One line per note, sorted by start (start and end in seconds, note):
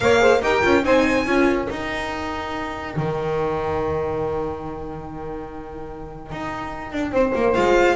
0.00 0.42 A#3
0.00 0.18 A#4
0.00 0.21 C#5
0.00 0.42 F5
0.18 0.39 G#4
0.18 0.41 C5
0.41 0.63 D#4
0.41 0.63 G4
0.41 0.83 A#4
0.41 0.84 G5
0.63 0.84 C#4
0.63 0.83 F4
0.83 1.25 C4
0.83 1.25 D#4
0.83 1.26 C5
0.83 1.67 G#5
1.25 1.67 C#4
1.25 1.68 F4
1.25 7.13 A#4
1.67 7.55 D#4
1.67 2.95 D#4
1.67 7.54 G5
2.96 6.31 D#3
6.31 6.92 D#4
6.92 7.11 D4
7.11 7.32 C4
7.11 7.96 C5
7.35 7.56 A#3
7.54 7.96 G#3
7.54 7.96 F4
7.54 7.96 F5